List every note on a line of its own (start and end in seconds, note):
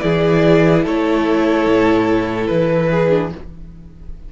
0.00 0.86 E3
0.00 3.08 E4
0.00 0.84 G#4
0.00 0.82 D5
0.84 1.66 A3
0.84 2.89 A4
0.84 2.47 C#5
1.66 2.49 A2
2.47 3.32 E3
2.47 3.29 B4
2.91 3.32 G#4
3.10 3.30 D4